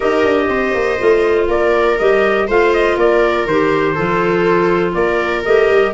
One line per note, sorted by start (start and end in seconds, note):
0.00 0.24 D#4
0.00 0.98 G4
0.00 0.47 A#4
0.00 1.47 D#5
0.24 0.48 D4
0.48 0.73 C4
0.48 1.48 C5
0.74 0.98 A#3
0.98 1.48 A3
0.98 1.98 F4
1.48 1.97 A#3
1.48 2.47 A#4
1.48 1.98 D5
1.98 2.48 G3
1.98 2.49 G4
1.98 2.48 D#5
2.47 2.96 A3
2.47 3.48 F4
2.47 2.97 C5
2.47 2.73 F5
2.73 2.98 D#5
2.96 3.46 A#3
2.96 3.94 A#4
2.96 3.47 D5
3.46 3.95 D#3
3.46 3.96 G4
3.46 4.94 C5
3.94 4.94 F3
3.94 5.45 F4
3.94 4.93 A4
4.94 5.43 A#3
4.94 5.94 A#4
4.94 5.43 D5
5.44 5.71 A3
5.44 5.94 G4
5.44 5.94 D#5
5.71 5.94 G3